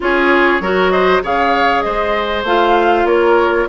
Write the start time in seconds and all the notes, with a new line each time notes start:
0.00 C#4 F4 G#4 C#5
0.60 F#3 F#4 A#4
0.90 C5 D#5
1.22 C#3 G#4 C#5 F5
1.81 G#3 C5 D#5
2.43 A3 F4 F5
3.04 A#3 A#4 C#5